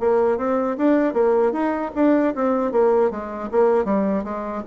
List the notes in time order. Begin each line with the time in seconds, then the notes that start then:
0.00 A#3
0.38 C4
0.78 D4
1.14 A#3
1.53 D#4
1.96 D4
2.35 C4
2.72 A#3
3.11 G#3
3.52 A#3
3.85 G3
4.24 G#3